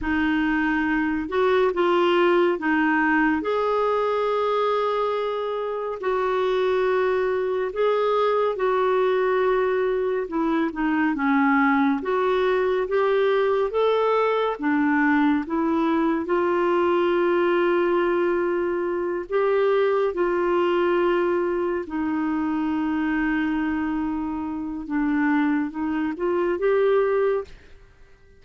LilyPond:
\new Staff \with { instrumentName = "clarinet" } { \time 4/4 \tempo 4 = 70 dis'4. fis'8 f'4 dis'4 | gis'2. fis'4~ | fis'4 gis'4 fis'2 | e'8 dis'8 cis'4 fis'4 g'4 |
a'4 d'4 e'4 f'4~ | f'2~ f'8 g'4 f'8~ | f'4. dis'2~ dis'8~ | dis'4 d'4 dis'8 f'8 g'4 | }